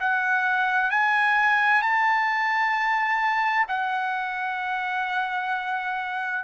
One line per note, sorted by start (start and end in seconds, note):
0.00 0.91 F#5
0.91 1.82 G#5
1.82 3.66 A5
3.68 6.44 F#5